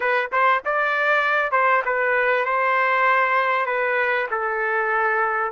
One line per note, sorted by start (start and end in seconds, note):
0.00 0.29 B4
0.31 0.62 C5
0.65 1.51 D5
1.51 1.82 C5
1.85 2.45 B4
2.45 3.65 C5
3.65 4.27 B4
4.30 5.51 A4